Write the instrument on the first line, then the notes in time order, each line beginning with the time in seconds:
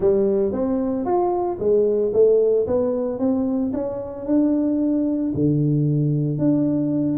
tuba
0.00 G3
0.52 C4
1.05 F4
1.59 G#3
2.13 A3
2.66 B3
3.19 C4
3.73 C#4
4.26 D4
5.34 D3
6.38 D4